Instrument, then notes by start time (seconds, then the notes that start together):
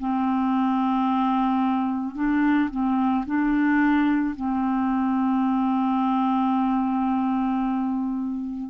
clarinet
0.00 C4
2.16 D4
2.71 C4
3.26 D4
4.36 C4